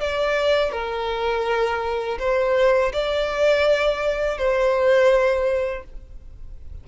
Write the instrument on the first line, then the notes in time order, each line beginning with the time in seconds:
violin
0.00 D5
0.72 A#4
2.19 C5
2.93 D5
4.37 C5